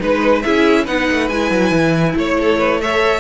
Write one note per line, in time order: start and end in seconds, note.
0.00 0.45 G#3
0.00 0.43 D#4
0.00 0.45 B4
0.00 0.43 B4
0.43 0.88 C#4
0.43 0.87 E4
0.43 0.85 G#4
0.43 0.86 E5
0.85 1.09 B3
0.85 1.30 D#4
0.85 2.14 B4
0.85 1.29 F#5
1.11 1.31 A3
1.29 1.51 G#3
1.29 2.83 E4
1.29 2.15 G#5
1.51 1.71 F#3
1.71 2.15 E3
2.16 3.20 A3
2.16 2.81 C#5
2.16 2.39 C#5
2.39 2.58 A4
2.58 2.80 B4
2.81 3.20 A4
2.81 3.20 C#5
2.81 3.20 E5